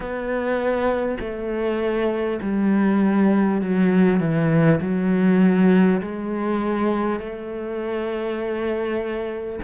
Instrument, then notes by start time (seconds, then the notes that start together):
cello
0.00 B3
1.19 A3
2.41 G3
3.61 F#3
4.19 E3
4.80 F#3
6.01 G#3
7.19 A3